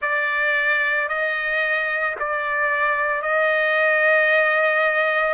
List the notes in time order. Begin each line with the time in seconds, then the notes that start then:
0.01 D5
1.08 D#5
2.19 D5
3.21 D#5